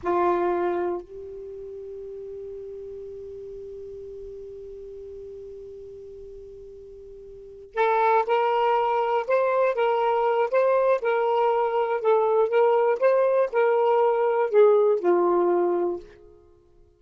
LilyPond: \new Staff \with { instrumentName = "saxophone" } { \time 4/4 \tempo 4 = 120 f'2 g'2~ | g'1~ | g'1~ | g'2.~ g'8 a'8~ |
a'8 ais'2 c''4 ais'8~ | ais'4 c''4 ais'2 | a'4 ais'4 c''4 ais'4~ | ais'4 gis'4 f'2 | }